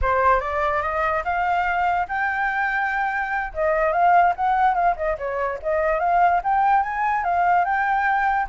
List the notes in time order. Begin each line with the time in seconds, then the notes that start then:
0.01 C5
0.40 D5
0.82 D#5
1.24 F5
2.08 G5
3.53 D#5
3.92 F5
4.36 F#5
4.74 F5
4.96 D#5
5.18 C#5
5.62 D#5
5.99 F5
6.43 G5
6.82 G#5
7.23 F5
7.64 G5